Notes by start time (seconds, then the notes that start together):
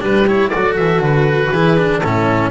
0.00 G3 D4 G4 B4
0.27 E4 C#5
0.49 F#3 F#4 A4 D5
0.76 E3 E5
0.99 D3 B4
1.50 E3 E4 G#4
1.77 D4
1.99 A2 C#4 E4 A4